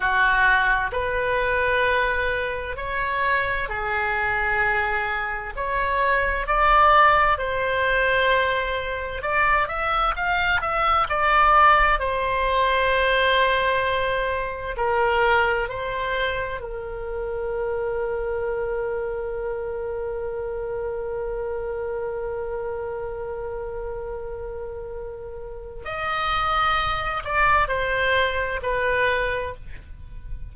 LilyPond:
\new Staff \with { instrumentName = "oboe" } { \time 4/4 \tempo 4 = 65 fis'4 b'2 cis''4 | gis'2 cis''4 d''4 | c''2 d''8 e''8 f''8 e''8 | d''4 c''2. |
ais'4 c''4 ais'2~ | ais'1~ | ais'1 | dis''4. d''8 c''4 b'4 | }